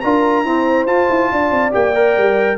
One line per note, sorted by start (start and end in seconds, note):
0.00 0.44 D4
0.00 0.45 F4
0.00 0.45 A#4
0.00 0.86 A#5
0.44 0.87 C4
0.44 0.86 E4
0.44 1.31 C5
0.86 1.07 F4
0.86 1.71 F4
0.86 1.72 A5
1.09 1.31 E4
1.31 1.50 D4
1.31 2.57 D5
1.50 1.72 C4
1.71 2.17 A#3
1.71 1.92 G4
1.71 2.57 G5
1.95 2.57 A#4
2.17 2.57 G3